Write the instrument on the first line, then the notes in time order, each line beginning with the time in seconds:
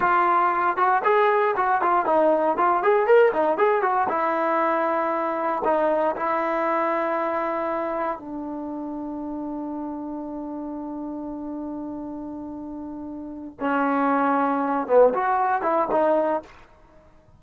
trombone
0.00 F4
0.76 F#4
1.03 G#4
1.56 F#4
1.81 F4
2.05 D#4
2.57 F4
2.83 G#4
3.07 A#4
3.33 D#4
3.57 G#4
3.82 F#4
4.09 E4
5.64 D#4
6.15 E4
8.19 D4
13.59 C#4
14.87 B3
15.14 F#4
15.62 E4
15.91 D#4